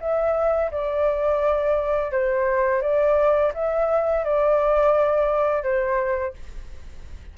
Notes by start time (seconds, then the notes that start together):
0.00 E5
0.71 D5
2.11 C5
2.81 D5
3.54 E5
4.24 D5
5.63 C5